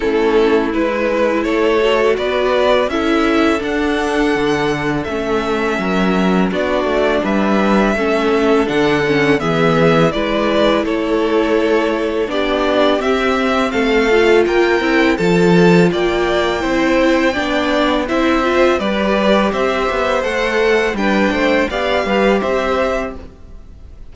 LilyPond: <<
  \new Staff \with { instrumentName = "violin" } { \time 4/4 \tempo 4 = 83 a'4 b'4 cis''4 d''4 | e''4 fis''2 e''4~ | e''4 d''4 e''2 | fis''4 e''4 d''4 cis''4~ |
cis''4 d''4 e''4 f''4 | g''4 a''4 g''2~ | g''4 e''4 d''4 e''4 | fis''4 g''4 f''4 e''4 | }
  \new Staff \with { instrumentName = "violin" } { \time 4/4 e'2 a'4 b'4 | a'1 | ais'4 fis'4 b'4 a'4~ | a'4 gis'4 b'4 a'4~ |
a'4 g'2 a'4 | ais'4 a'4 d''4 c''4 | d''4 c''4 b'4 c''4~ | c''4 b'8 c''8 d''8 b'8 c''4 | }
  \new Staff \with { instrumentName = "viola" } { \time 4/4 cis'4 e'4. fis'4. | e'4 d'2 cis'4~ | cis'4 d'2 cis'4 | d'8 cis'8 b4 e'2~ |
e'4 d'4 c'4. f'8~ | f'8 e'8 f'2 e'4 | d'4 e'8 f'8 g'2 | a'4 d'4 g'2 | }
  \new Staff \with { instrumentName = "cello" } { \time 4/4 a4 gis4 a4 b4 | cis'4 d'4 d4 a4 | fis4 b8 a8 g4 a4 | d4 e4 gis4 a4~ |
a4 b4 c'4 a4 | ais8 c'8 f4 ais4 c'4 | b4 c'4 g4 c'8 b8 | a4 g8 a8 b8 g8 c'4 | }
>>